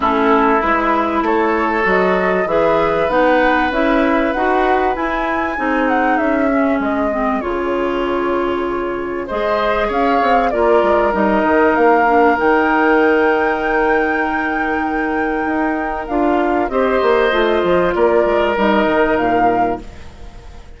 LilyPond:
<<
  \new Staff \with { instrumentName = "flute" } { \time 4/4 \tempo 4 = 97 a'4 b'4 cis''4 dis''4 | e''4 fis''4 e''4 fis''4 | gis''4. fis''8 e''4 dis''4 | cis''2. dis''4 |
f''4 d''4 dis''4 f''4 | g''1~ | g''2 f''4 dis''4~ | dis''4 d''4 dis''4 f''4 | }
  \new Staff \with { instrumentName = "oboe" } { \time 4/4 e'2 a'2 | b'1~ | b'4 gis'2.~ | gis'2. c''4 |
cis''4 ais'2.~ | ais'1~ | ais'2. c''4~ | c''4 ais'2. | }
  \new Staff \with { instrumentName = "clarinet" } { \time 4/4 cis'4 e'2 fis'4 | gis'4 dis'4 e'4 fis'4 | e'4 dis'4. cis'4 c'8 | f'2. gis'4~ |
gis'4 f'4 dis'4. d'8 | dis'1~ | dis'2 f'4 g'4 | f'2 dis'2 | }
  \new Staff \with { instrumentName = "bassoon" } { \time 4/4 a4 gis4 a4 fis4 | e4 b4 cis'4 dis'4 | e'4 c'4 cis'4 gis4 | cis2. gis4 |
cis'8 c'8 ais8 gis8 g8 dis8 ais4 | dis1~ | dis4 dis'4 d'4 c'8 ais8 | a8 f8 ais8 gis8 g8 dis8 ais,4 | }
>>